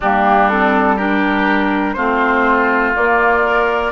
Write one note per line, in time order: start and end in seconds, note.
0.00 1.96 G3
0.00 0.51 A#3
0.00 0.95 D4
0.00 0.49 G4
0.49 0.98 C4
0.49 0.97 A4
0.95 1.96 D4
0.95 1.94 G4
0.95 1.93 A#4
1.93 2.94 A3
1.93 2.95 C4
1.93 3.92 F4
1.93 2.91 C5
2.95 3.92 A#3
2.95 3.43 A#3
2.95 3.92 D5
3.43 3.92 A#4